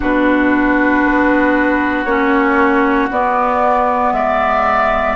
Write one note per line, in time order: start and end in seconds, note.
0.00 1.04 B2
0.00 2.06 D4
0.00 4.13 F#4
0.00 2.04 B4
1.04 2.05 B3
2.04 3.08 A#3
2.04 3.11 C#4
2.04 3.07 C#5
3.11 4.12 B3
3.11 5.16 B3
3.11 4.12 D5
4.12 5.15 G#3
4.12 5.16 D5
4.12 5.16 E5